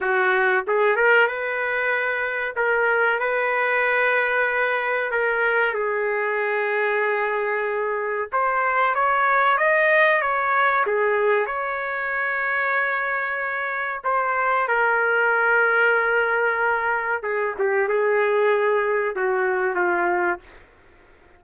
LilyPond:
\new Staff \with { instrumentName = "trumpet" } { \time 4/4 \tempo 4 = 94 fis'4 gis'8 ais'8 b'2 | ais'4 b'2. | ais'4 gis'2.~ | gis'4 c''4 cis''4 dis''4 |
cis''4 gis'4 cis''2~ | cis''2 c''4 ais'4~ | ais'2. gis'8 g'8 | gis'2 fis'4 f'4 | }